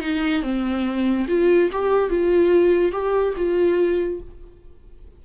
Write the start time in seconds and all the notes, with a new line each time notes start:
0.00 D#4
0.42 C4
1.28 F4
1.72 G4
2.09 F4
2.92 G4
3.36 F4